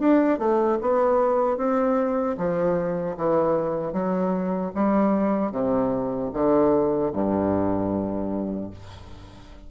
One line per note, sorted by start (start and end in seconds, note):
0.00 0.39 D4
0.39 0.79 A3
0.82 1.58 B3
1.58 2.37 C4
2.38 3.17 F3
3.17 3.93 E3
3.93 4.72 F#3
4.75 5.52 G3
5.52 6.31 C3
6.34 7.13 D3
7.13 8.71 G2